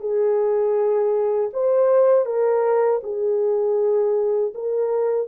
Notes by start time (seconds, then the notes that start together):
0.00 G#4
1.53 C5
2.26 A#4
3.03 G#4
4.54 A#4